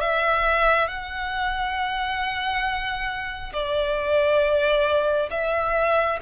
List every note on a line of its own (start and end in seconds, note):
0.00 0.87 E5
0.87 3.52 F#5
3.53 5.29 D5
5.31 6.19 E5